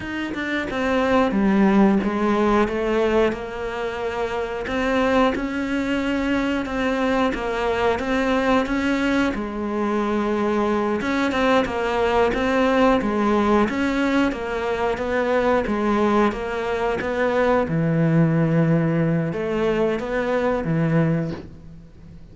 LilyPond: \new Staff \with { instrumentName = "cello" } { \time 4/4 \tempo 4 = 90 dis'8 d'8 c'4 g4 gis4 | a4 ais2 c'4 | cis'2 c'4 ais4 | c'4 cis'4 gis2~ |
gis8 cis'8 c'8 ais4 c'4 gis8~ | gis8 cis'4 ais4 b4 gis8~ | gis8 ais4 b4 e4.~ | e4 a4 b4 e4 | }